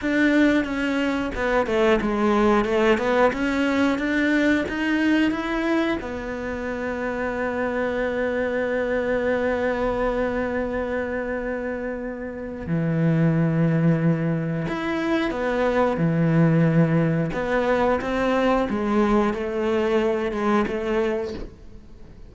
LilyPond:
\new Staff \with { instrumentName = "cello" } { \time 4/4 \tempo 4 = 90 d'4 cis'4 b8 a8 gis4 | a8 b8 cis'4 d'4 dis'4 | e'4 b2.~ | b1~ |
b2. e4~ | e2 e'4 b4 | e2 b4 c'4 | gis4 a4. gis8 a4 | }